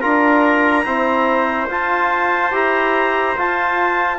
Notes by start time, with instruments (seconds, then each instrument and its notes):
0.00 bassoon D4, trombone F4, trumpet A#4, clarinet A#5
0.85 trombone C4, bassoon E4, trumpet C5
1.68 bassoon F4, trombone F4, clarinet A5
2.51 bassoon E4, trombone G4, clarinet A#5
3.37 trombone F4, bassoon F4, clarinet A5